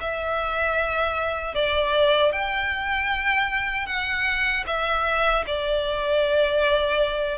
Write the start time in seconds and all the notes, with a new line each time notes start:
0.00 E5
1.54 D5
2.32 G5
3.86 F#5
4.66 E5
5.47 D5